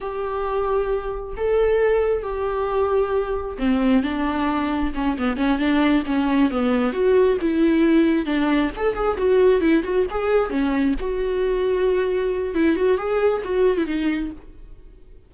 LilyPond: \new Staff \with { instrumentName = "viola" } { \time 4/4 \tempo 4 = 134 g'2. a'4~ | a'4 g'2. | c'4 d'2 cis'8 b8 | cis'8 d'4 cis'4 b4 fis'8~ |
fis'8 e'2 d'4 a'8 | gis'8 fis'4 e'8 fis'8 gis'4 cis'8~ | cis'8 fis'2.~ fis'8 | e'8 fis'8 gis'4 fis'8. e'16 dis'4 | }